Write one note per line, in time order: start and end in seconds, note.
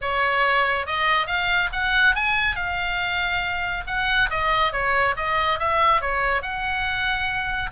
0.01 0.86 C#5
0.86 1.26 D#5
1.26 1.69 F5
1.72 2.15 F#5
2.15 2.55 G#5
2.55 3.84 F5
3.86 4.29 F#5
4.30 4.72 D#5
4.72 5.15 C#5
5.16 5.59 D#5
5.59 6.01 E5
6.01 6.41 C#5
6.41 7.70 F#5